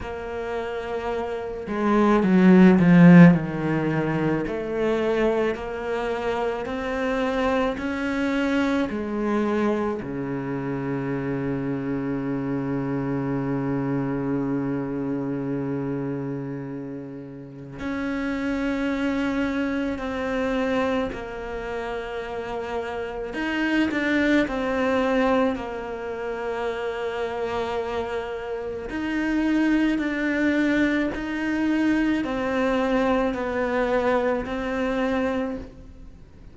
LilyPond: \new Staff \with { instrumentName = "cello" } { \time 4/4 \tempo 4 = 54 ais4. gis8 fis8 f8 dis4 | a4 ais4 c'4 cis'4 | gis4 cis2.~ | cis1 |
cis'2 c'4 ais4~ | ais4 dis'8 d'8 c'4 ais4~ | ais2 dis'4 d'4 | dis'4 c'4 b4 c'4 | }